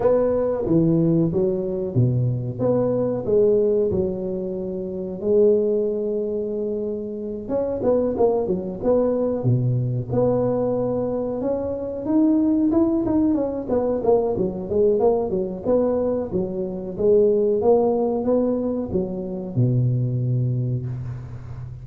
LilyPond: \new Staff \with { instrumentName = "tuba" } { \time 4/4 \tempo 4 = 92 b4 e4 fis4 b,4 | b4 gis4 fis2 | gis2.~ gis8 cis'8 | b8 ais8 fis8 b4 b,4 b8~ |
b4. cis'4 dis'4 e'8 | dis'8 cis'8 b8 ais8 fis8 gis8 ais8 fis8 | b4 fis4 gis4 ais4 | b4 fis4 b,2 | }